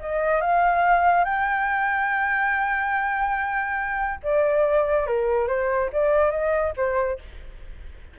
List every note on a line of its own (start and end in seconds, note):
0.00 0.41 D#5
0.41 1.25 F5
1.25 4.21 G5
4.23 5.07 D5
5.07 5.48 A#4
5.48 5.90 C5
5.93 6.31 D5
6.31 6.74 D#5
6.77 7.19 C5